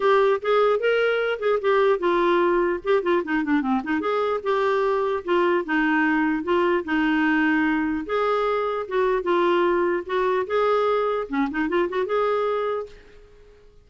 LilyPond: \new Staff \with { instrumentName = "clarinet" } { \time 4/4 \tempo 4 = 149 g'4 gis'4 ais'4. gis'8 | g'4 f'2 g'8 f'8 | dis'8 d'8 c'8 dis'8 gis'4 g'4~ | g'4 f'4 dis'2 |
f'4 dis'2. | gis'2 fis'4 f'4~ | f'4 fis'4 gis'2 | cis'8 dis'8 f'8 fis'8 gis'2 | }